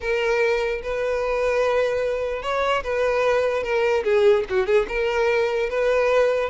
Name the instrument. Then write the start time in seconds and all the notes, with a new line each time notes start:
violin
0.00 A#4
0.82 B4
2.42 C#5
2.83 B4
3.63 A#4
4.04 G#4
4.49 F#4
4.66 G#4
4.88 A#4
5.69 B4